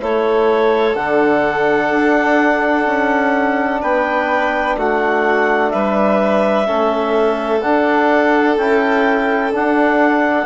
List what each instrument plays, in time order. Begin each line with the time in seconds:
0.00 bassoon A3, trombone E4, violin A4, clarinet C#5
0.95 bassoon D3, trombone D4, clarinet F#5
1.91 bassoon D4
2.86 bassoon C#4
3.81 bassoon B3, violin B4, clarinet G5
4.77 bassoon A3, violin F#4, clarinet F#5
5.70 bassoon G3, violin B4, clarinet E5
6.66 bassoon A3, trombone C#4, violin A4
7.61 trombone D4, bassoon D4, clarinet F#5
8.57 bassoon C#4, trombone E4, clarinet G5
9.51 trombone D4, bassoon D4, clarinet F#5